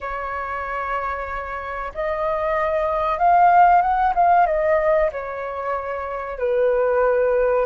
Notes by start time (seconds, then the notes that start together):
0.01 C#5
1.94 D#5
3.18 F5
3.82 F#5
4.15 F5
4.46 D#5
5.12 C#5
6.38 B4